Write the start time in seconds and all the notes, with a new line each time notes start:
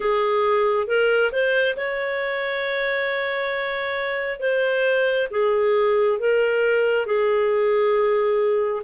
0.00 G#4
0.87 A#4
1.32 C5
1.76 C#5
4.39 C5
5.31 G#4
6.19 A#4
7.05 G#4